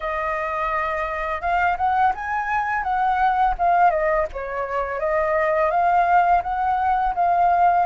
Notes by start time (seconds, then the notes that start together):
0.00 D#5
1.41 F5
1.77 F#5
2.15 G#5
2.83 F#5
3.58 F5
3.90 D#5
4.32 C#5
4.99 D#5
5.70 F5
6.43 F#5
7.14 F5